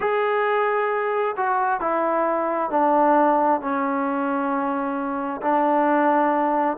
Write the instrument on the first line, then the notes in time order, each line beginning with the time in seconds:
trombone
0.00 G#4
1.36 F#4
1.80 E4
2.70 D4
3.60 C#4
5.42 D4